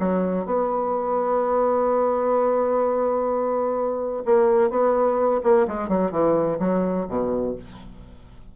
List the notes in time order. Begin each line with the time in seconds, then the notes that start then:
0.00 F#3
0.46 B3
4.26 A#3
4.70 B3
5.44 A#3
5.68 G#3
5.89 F#3
6.12 E3
6.59 F#3
7.09 B2